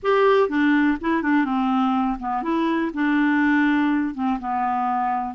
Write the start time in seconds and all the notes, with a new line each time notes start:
0.02 G4
0.49 D4
1.00 E4
1.22 D4
1.45 C4
2.19 B3
2.42 E4
2.93 D4
4.14 C4
4.39 B3